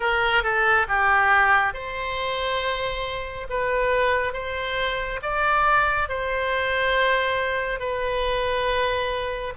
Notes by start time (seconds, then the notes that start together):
0.00 A#4
0.43 A4
0.88 G4
1.73 C5
3.49 B4
4.33 C5
5.22 D5
6.08 C5
7.79 B4